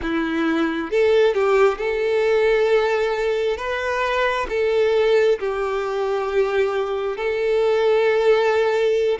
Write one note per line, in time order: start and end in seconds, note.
0.02 0.90 E4
0.90 1.34 A4
1.34 1.77 G4
1.77 3.57 A4
3.57 4.47 B4
4.49 5.38 A4
5.39 7.16 G4
7.16 9.18 A4